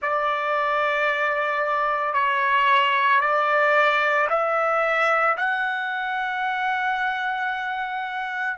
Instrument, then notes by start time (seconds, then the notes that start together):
trumpet
0.01 D5
2.13 C#5
3.20 D5
4.29 E5
5.37 F#5